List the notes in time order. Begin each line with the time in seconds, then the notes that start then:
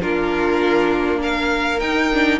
0.00 A#3 D4 F4 A#4
1.20 A#4 F5
1.80 D#4 G5
2.14 D4